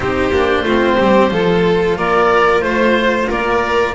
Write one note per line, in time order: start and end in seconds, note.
0.00 0.30 C4
0.00 0.32 D#4
0.00 0.64 G4
0.00 1.97 C5
0.30 0.63 A#3
0.30 0.66 D4
0.63 0.96 A3
0.63 1.30 C4
0.63 0.97 F4
0.98 1.31 G3
0.98 1.32 G4
1.30 1.97 F3
1.30 3.94 F4
1.30 1.97 A4
1.97 2.62 A#3
1.97 2.63 A#4
1.97 2.60 D5
2.60 3.27 A3
2.60 3.26 C5
2.60 3.29 C5
3.29 3.95 A#3
3.29 3.95 A#4
3.29 3.95 D5